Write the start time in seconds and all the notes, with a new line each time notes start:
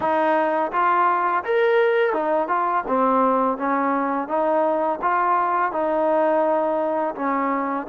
0.00 D#4
0.72 F4
1.44 A#4
2.13 D#4
2.48 F4
2.87 C4
3.57 C#4
4.28 D#4
5.01 F4
5.71 D#4
7.15 C#4